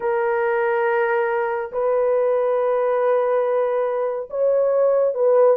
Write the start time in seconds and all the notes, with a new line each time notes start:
0.00 A#4
1.72 B4
4.30 C#5
5.14 B4